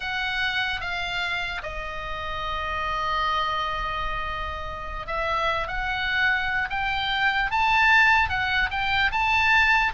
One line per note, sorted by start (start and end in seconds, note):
0.00 0.80 F#5
0.81 1.62 F5
1.62 5.06 D#5
5.06 5.67 E5
5.67 6.69 F#5
6.70 7.50 G5
7.50 8.29 A5
8.29 8.69 F#5
8.71 9.11 G5
9.11 9.92 A5